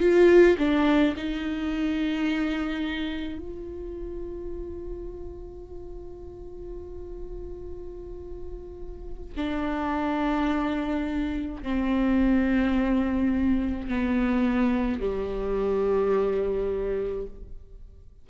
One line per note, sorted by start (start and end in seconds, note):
0.00 0.57 F4
0.58 1.15 D4
1.16 3.39 D#4
3.39 9.33 F4
9.37 11.62 D4
11.62 13.88 C4
13.88 15.00 B3
15.00 17.26 G3